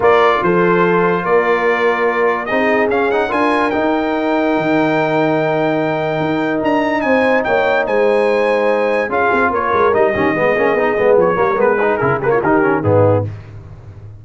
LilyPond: <<
  \new Staff \with { instrumentName = "trumpet" } { \time 4/4 \tempo 4 = 145 d''4 c''2 d''4~ | d''2 dis''4 f''8 fis''8 | gis''4 g''2.~ | g''1 |
ais''4 gis''4 g''4 gis''4~ | gis''2 f''4 cis''4 | dis''2. cis''4 | b'4 ais'8 b'16 cis''16 ais'4 gis'4 | }
  \new Staff \with { instrumentName = "horn" } { \time 4/4 ais'4 a'2 ais'4~ | ais'2 gis'2 | ais'1~ | ais'1~ |
ais'4 c''4 cis''4 c''4~ | c''2 gis'4 ais'4~ | ais'8 g'8 gis'2~ gis'8 ais'8~ | ais'8 gis'4 g'16 f'16 g'4 dis'4 | }
  \new Staff \with { instrumentName = "trombone" } { \time 4/4 f'1~ | f'2 dis'4 cis'8 dis'8 | f'4 dis'2.~ | dis'1~ |
dis'1~ | dis'2 f'2 | dis'8 cis'8 b8 cis'8 dis'8 b4 ais8 | b8 dis'8 e'8 ais8 dis'8 cis'8 b4 | }
  \new Staff \with { instrumentName = "tuba" } { \time 4/4 ais4 f2 ais4~ | ais2 c'4 cis'4 | d'4 dis'2 dis4~ | dis2. dis'4 |
d'4 c'4 ais4 gis4~ | gis2 cis'8 c'8 ais8 gis8 | g8 dis8 gis8 ais8 b8 gis8 f8 g8 | gis4 cis4 dis4 gis,4 | }
>>